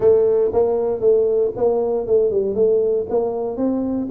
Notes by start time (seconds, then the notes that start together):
0.00 A3
0.52 A#3
1.00 A3
1.56 A#3
2.07 A3
2.30 G3
2.54 A3
3.09 A#3
3.56 C4